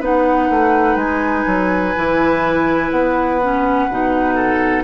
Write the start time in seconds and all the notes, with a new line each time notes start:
0.00 B3 D#4 B4 F#5
0.50 A3
0.96 G#3 G#5
1.46 F#3
1.95 E3 E4
2.91 B3 F#5
3.41 C#4
3.90 B2 D#4
4.35 A4